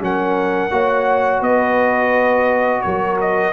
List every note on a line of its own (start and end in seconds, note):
0.00 0.71 F#3
0.00 0.71 C#4
0.00 0.73 A#4
0.00 1.43 F#5
0.71 1.41 A#3
0.71 3.53 F#4
0.71 1.40 C#5
1.40 2.82 B3
1.40 2.81 B4
1.40 2.81 D#5
2.81 3.53 F#3
2.81 3.53 A#4
2.81 3.17 C#5
3.20 3.53 D#5